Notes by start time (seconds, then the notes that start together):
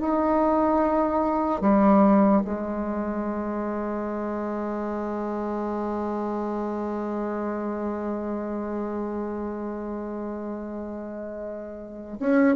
0.00 D#4
1.61 G3
2.44 G#3
12.19 C#4